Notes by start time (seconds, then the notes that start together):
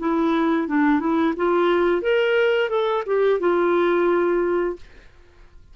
0.00 E4
0.68 D4
1.00 E4
1.37 F4
2.02 A#4
2.70 A4
3.07 G4
3.41 F4